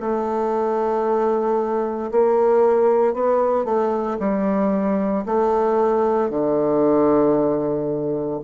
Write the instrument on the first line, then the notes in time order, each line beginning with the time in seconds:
bassoon
0.00 A3
2.11 A#3
3.13 B3
3.65 A3
4.19 G3
5.26 A3
6.30 D3